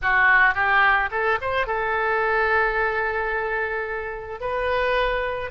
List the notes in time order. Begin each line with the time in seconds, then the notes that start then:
0.02 F#4
0.54 G4
1.11 A4
1.41 C5
1.66 A4
4.40 B4